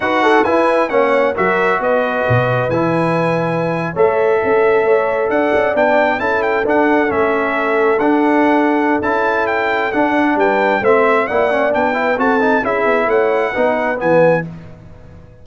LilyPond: <<
  \new Staff \with { instrumentName = "trumpet" } { \time 4/4 \tempo 4 = 133 fis''4 gis''4 fis''4 e''4 | dis''2 gis''2~ | gis''8. e''2. fis''16~ | fis''8. g''4 a''8 g''8 fis''4 e''16~ |
e''4.~ e''16 fis''2~ fis''16 | a''4 g''4 fis''4 g''4 | e''4 fis''4 g''4 a''4 | e''4 fis''2 gis''4 | }
  \new Staff \with { instrumentName = "horn" } { \time 4/4 b'8 a'8 b'4 cis''4 ais'4 | b'1~ | b'8. cis''4 a'4 cis''4 d''16~ | d''4.~ d''16 a'2~ a'16~ |
a'1~ | a'2. b'4 | c''4 d''4. b'8 a'4 | gis'4 cis''4 b'2 | }
  \new Staff \with { instrumentName = "trombone" } { \time 4/4 fis'4 e'4 cis'4 fis'4~ | fis'2 e'2~ | e'8. a'2.~ a'16~ | a'8. d'4 e'4 d'4 cis'16~ |
cis'4.~ cis'16 d'2~ d'16 | e'2 d'2 | c'4 e'8 cis'8 d'8 e'8 fis'8 dis'8 | e'2 dis'4 b4 | }
  \new Staff \with { instrumentName = "tuba" } { \time 4/4 dis'4 e'4 ais4 fis4 | b4 b,4 e2~ | e8. a4 cis'4 a4 d'16~ | d'16 cis'8 b4 cis'4 d'4 a16~ |
a4.~ a16 d'2~ d'16 | cis'2 d'4 g4 | a4 ais4 b4 c'4 | cis'8 b8 a4 b4 e4 | }
>>